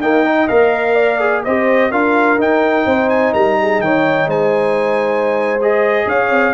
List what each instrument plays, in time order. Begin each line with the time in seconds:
0.00 trombone A#3, tuba D#4, horn D#5, trumpet G5
0.24 trombone D#4
0.48 tuba A#3, trombone A#4, trumpet F5
0.94 horn D5
1.19 trombone G#4
1.43 tuba C4, trombone G4, horn C5, trumpet D#5
1.90 tuba D4, trombone F4, horn A#4, trumpet F5
2.38 trombone D#4, tuba D#4, trumpet G5
2.85 tuba C4, horn C5
3.09 trumpet G#5
3.33 tuba G3, horn A#4, trumpet A#5
3.61 horn G#4
3.80 tuba D#3, horn C#5, trumpet G5
4.26 tuba G#3, horn C5, trumpet G#5
5.61 trombone G#4, trumpet D#5
6.06 tuba C#4, horn C#5, trumpet F5
6.30 tuba C4